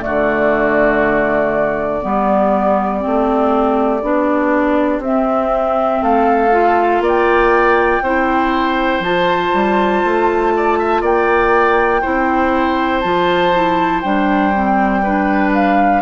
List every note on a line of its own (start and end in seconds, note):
0.00 2.00 A3
0.00 2.04 F#4
0.00 5.02 D5
0.06 2.04 D3
2.02 3.04 G3
2.02 3.01 B3
2.02 6.03 G4
3.01 4.03 A3
3.01 4.01 C4
4.03 4.99 B3
4.03 5.03 D4
4.99 5.99 C4
4.99 6.03 E5
5.05 6.52 C4
6.03 7.00 A3
6.03 7.03 A4
6.03 7.03 F5
6.52 8.02 F4
7.00 8.00 A#3
7.00 8.03 D5
7.08 9.03 G5
8.02 9.00 C4
8.02 9.04 E4
8.02 10.53 C5
9.00 9.50 F3
9.00 12.03 F4
9.00 11.03 A5
9.54 10.04 G3
10.04 11.02 A3
10.57 10.79 D5
10.79 11.02 E5
11.02 12.02 A#3
11.02 12.02 D5
11.02 13.01 G5
12.02 13.04 C4
12.02 13.03 E4
12.02 15.02 C5
13.01 14.04 F3
13.01 13.54 F4
13.01 14.01 A5
13.54 14.04 E4
14.01 16.02 G3
14.01 14.54 D4
14.01 15.51 G5
14.54 15.04 C4
15.04 16.02 D4
15.04 16.02 B4
15.54 16.02 F5